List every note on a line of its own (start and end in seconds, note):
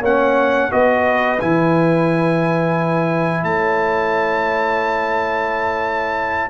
0.00 0.69 A#3
0.00 0.70 C#4
0.00 0.68 C#5
0.00 0.71 F#5
0.70 1.41 B3
0.70 1.38 F#4
0.70 3.44 B4
0.70 1.39 D#5
1.40 3.43 E3
1.40 6.49 E4
1.40 3.44 G#5
3.43 6.49 A3
3.43 6.49 C#5
3.43 6.49 A5